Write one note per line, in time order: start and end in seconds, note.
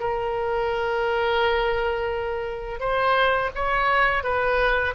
0.00 2.80 A#4
2.80 3.50 C5
3.56 4.24 C#5
4.24 4.94 B4